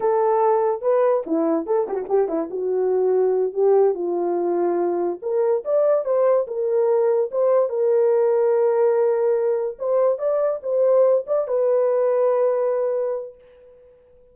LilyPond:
\new Staff \with { instrumentName = "horn" } { \time 4/4 \tempo 4 = 144 a'2 b'4 e'4 | a'8 g'16 fis'16 g'8 e'8 fis'2~ | fis'8 g'4 f'2~ f'8~ | f'8 ais'4 d''4 c''4 ais'8~ |
ais'4. c''4 ais'4.~ | ais'2.~ ais'8 c''8~ | c''8 d''4 c''4. d''8 b'8~ | b'1 | }